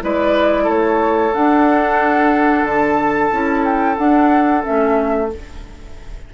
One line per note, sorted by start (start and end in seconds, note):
0.00 0.68 G#3
0.00 1.32 E4
0.00 0.64 B4
0.00 0.69 D5
0.64 1.34 A3
0.64 5.25 A4
0.64 1.34 C#5
1.33 3.31 D4
1.33 2.64 D4
1.33 2.65 F#5
2.64 3.30 D3
2.64 3.63 A5
3.31 3.98 C#4
3.31 3.97 E4
3.64 3.97 G5
3.97 4.62 D4
3.97 4.64 D4
3.97 4.64 F#5
4.62 5.28 C#4
4.62 5.30 E5
4.68 5.34 A3